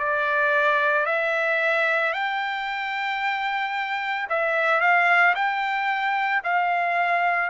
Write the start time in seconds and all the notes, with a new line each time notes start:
0.00 D5
1.06 E5
2.13 G5
4.30 E5
4.81 F5
5.36 G5
6.44 F5